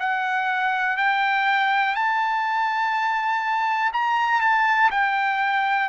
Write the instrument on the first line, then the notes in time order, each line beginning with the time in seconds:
trumpet
0.00 F#5
0.97 G5
1.95 A5
3.93 A#5
4.41 A5
4.92 G5